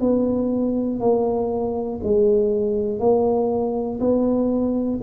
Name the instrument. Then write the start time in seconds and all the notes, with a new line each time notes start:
tuba
0.00 B3
1.00 A#3
2.03 G#3
2.99 A#3
4.00 B3